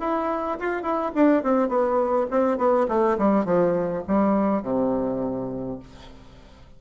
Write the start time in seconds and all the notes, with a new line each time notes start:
0.00 E4
0.60 F4
0.83 E4
1.15 D4
1.43 C4
1.69 B3
2.31 C4
2.58 B3
2.88 A3
3.19 G3
3.45 F3
4.08 G3
4.63 C3